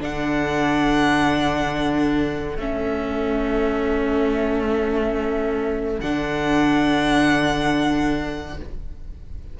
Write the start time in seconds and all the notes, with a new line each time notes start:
0.00 D3 D4 A4 F#5
2.57 A3 C#4 E5
6.00 D3 D4 F#5